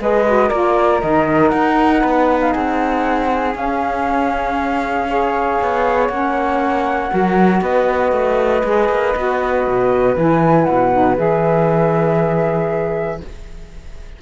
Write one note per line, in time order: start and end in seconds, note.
0.00 0.51 G#3
0.00 0.27 G#4
0.00 0.49 B4
0.00 0.50 D#5
0.27 0.52 F#4
0.49 1.03 A#3
0.49 1.02 F4
0.49 2.02 A#4
0.49 1.01 D5
1.01 1.52 D#3
1.01 3.54 D#4
1.01 1.49 D#5
1.49 2.03 D#4
1.49 2.38 F#5
2.02 2.55 B3
2.02 2.53 B4
2.41 2.53 F5
2.53 3.55 C4
2.53 5.07 G#4
2.53 3.55 F#5
3.54 5.06 C#4
3.54 5.58 C#4
3.54 6.08 F5
5.10 6.11 G#4
5.10 7.12 C#5
5.62 6.10 B3
6.08 7.11 A#3
6.08 7.09 C#4
6.08 7.61 F#5
7.09 7.62 F#3
7.09 8.62 F#4
7.09 7.62 A#4
7.62 8.12 B3
7.62 13.21 B4
7.62 10.17 D#5
8.12 8.63 A3
8.64 8.89 G#3
8.64 9.15 G#4
8.89 9.15 A#3
9.16 9.67 B3
9.16 10.17 F#4
9.67 10.16 B2
10.16 10.67 E3
10.16 10.93 E4
10.16 10.65 G#5
10.65 11.18 B2
10.65 11.15 F#5
10.93 11.17 D#4
11.17 13.21 E3
11.17 13.21 G#4
11.17 13.22 E5